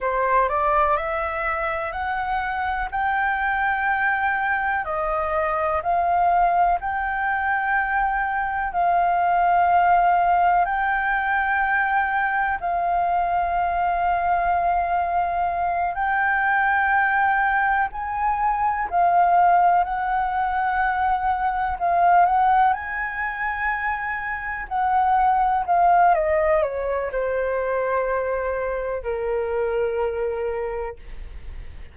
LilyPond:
\new Staff \with { instrumentName = "flute" } { \time 4/4 \tempo 4 = 62 c''8 d''8 e''4 fis''4 g''4~ | g''4 dis''4 f''4 g''4~ | g''4 f''2 g''4~ | g''4 f''2.~ |
f''8 g''2 gis''4 f''8~ | f''8 fis''2 f''8 fis''8 gis''8~ | gis''4. fis''4 f''8 dis''8 cis''8 | c''2 ais'2 | }